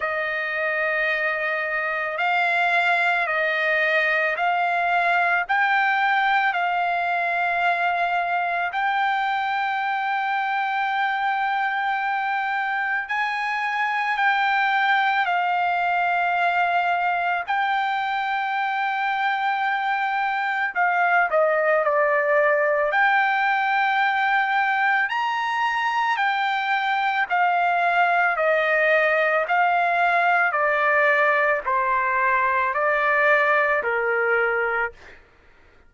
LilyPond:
\new Staff \with { instrumentName = "trumpet" } { \time 4/4 \tempo 4 = 55 dis''2 f''4 dis''4 | f''4 g''4 f''2 | g''1 | gis''4 g''4 f''2 |
g''2. f''8 dis''8 | d''4 g''2 ais''4 | g''4 f''4 dis''4 f''4 | d''4 c''4 d''4 ais'4 | }